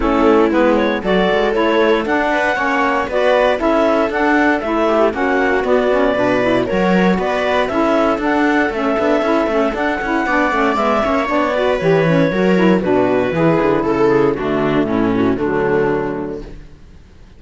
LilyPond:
<<
  \new Staff \with { instrumentName = "clarinet" } { \time 4/4 \tempo 4 = 117 a'4 b'8 cis''8 d''4 cis''4 | fis''2 d''4 e''4 | fis''4 e''4 fis''4 d''4~ | d''4 cis''4 d''4 e''4 |
fis''4 e''2 fis''4~ | fis''4 e''4 d''4 cis''4~ | cis''4 b'2 a'8 gis'8 | fis'4 e'8 fis'8 d'2 | }
  \new Staff \with { instrumentName = "viola" } { \time 4/4 e'2 a'2~ | a'8 b'8 cis''4 b'4 a'4~ | a'4. g'8 fis'2 | b'4 ais'4 b'4 a'4~ |
a'1 | d''4. cis''4 b'4. | ais'4 fis'4 gis'4 a'4 | d'4 cis'4 a2 | }
  \new Staff \with { instrumentName = "saxophone" } { \time 4/4 cis'4 b4 fis'4 e'4 | d'4 cis'4 fis'4 e'4 | d'4 e'4 cis'4 b8 cis'8 | d'8 e'8 fis'2 e'4 |
d'4 cis'8 d'8 e'8 cis'8 d'8 e'8 | d'8 cis'8 b8 cis'8 d'8 fis'8 g'8 cis'8 | fis'8 e'8 d'4 e'2 | a2 fis2 | }
  \new Staff \with { instrumentName = "cello" } { \time 4/4 a4 gis4 fis8 gis8 a4 | d'4 ais4 b4 cis'4 | d'4 a4 ais4 b4 | b,4 fis4 b4 cis'4 |
d'4 a8 b8 cis'8 a8 d'8 cis'8 | b8 a8 gis8 ais8 b4 e4 | fis4 b,4 e8 d8 cis4 | d4 a,4 d2 | }
>>